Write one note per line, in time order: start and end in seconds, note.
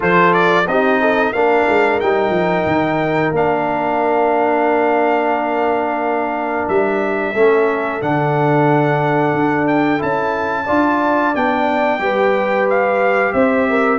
0.00 0.66 F3
0.00 0.63 F4
0.00 0.66 A4
0.00 0.33 C5
0.33 0.66 D5
0.66 1.32 C4
0.66 1.34 D#4
0.66 1.00 G4
0.66 1.32 D#5
1.00 1.34 A4
1.32 1.66 A#3
1.32 2.01 D4
1.32 7.34 A#4
1.32 1.99 F5
1.68 2.01 G#3
2.00 2.29 G3
2.00 3.34 D#4
2.00 3.33 G5
2.29 2.63 F3
2.66 3.31 D#3
3.31 6.64 A#3
3.31 7.34 D4
3.31 6.68 F5
6.68 7.33 G3
6.68 8.01 E5
7.33 8.00 A3
7.33 8.01 C#4
7.33 10.65 A4
8.01 9.32 D3
8.01 9.98 D4
8.01 9.67 F#5
9.32 9.99 D4
9.67 10.01 G5
9.98 10.68 C#4
9.98 10.65 E4
9.98 11.35 A5
10.65 11.35 D4
10.65 11.34 F4
10.65 11.98 D5
11.35 11.99 B3
11.35 11.99 D4
11.35 12.68 G5
11.99 13.32 G3
11.99 13.98 G4
11.99 13.34 B4
12.69 13.32 F5
13.32 13.98 C4
13.32 13.67 C5
13.32 13.98 E5
13.69 13.98 A#4